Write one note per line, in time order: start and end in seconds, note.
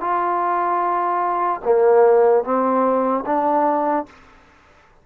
0.00 1.60 F4
1.64 2.44 A#3
2.44 3.24 C4
3.25 4.05 D4